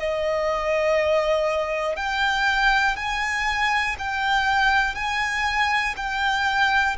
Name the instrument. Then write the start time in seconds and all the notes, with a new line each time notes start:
violin
0.00 D#5
1.97 G5
2.96 G#5
3.99 G5
4.95 G#5
5.97 G5